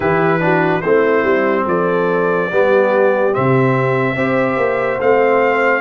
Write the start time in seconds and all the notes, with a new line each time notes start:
0.00 E3 E4 G4 B4
0.39 D4 F#4
0.81 A3 C4 E4 C5
1.23 G3
1.66 F3 A4 D5
2.51 G3 B3 G4
3.32 C3 C4 E5
4.15 C4 G4 C5
4.57 A#3
4.99 A3 C4 F5